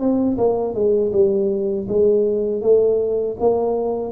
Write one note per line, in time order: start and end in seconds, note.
0.00 0.38 C4
0.38 0.75 A#3
0.75 1.12 G#3
1.13 1.88 G3
1.89 2.62 G#3
2.62 3.37 A3
3.40 4.12 A#3